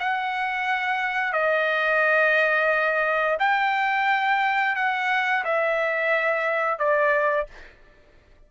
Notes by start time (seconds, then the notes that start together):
0.00 F#5
1.33 D#5
3.39 G5
4.76 F#5
5.45 E5
6.79 D5